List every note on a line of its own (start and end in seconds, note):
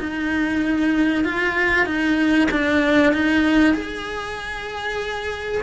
0.00 1.25 D#4
1.25 1.86 F4
1.86 2.49 D#4
2.52 3.14 D4
3.14 3.74 D#4
3.74 5.62 G#4